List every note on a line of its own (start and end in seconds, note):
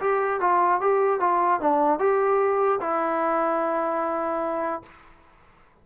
0.00 0.40 G4
0.40 0.81 F4
0.81 1.20 G4
1.20 1.60 F4
1.61 1.99 D4
1.99 2.80 G4
2.81 4.82 E4